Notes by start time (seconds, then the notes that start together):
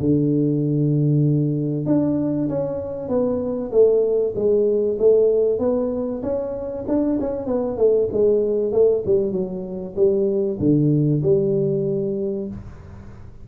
0.00 D3
1.86 D4
2.49 C#4
3.09 B3
3.71 A3
4.36 G#3
4.99 A3
5.59 B3
6.22 C#4
6.88 D4
7.20 C#4
7.46 B3
7.78 A3
8.12 G#3
8.72 A3
9.06 G3
9.32 F#3
9.96 G3
10.59 D3
11.23 G3